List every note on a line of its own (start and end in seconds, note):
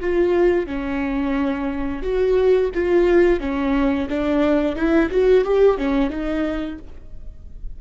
0.00 0.66 F4
0.66 2.02 C#4
2.02 2.70 F#4
2.74 3.40 F4
3.40 4.08 C#4
4.09 4.75 D4
4.75 5.10 E4
5.10 5.44 F#4
5.44 5.77 G4
5.77 6.10 C#4
6.10 6.78 D#4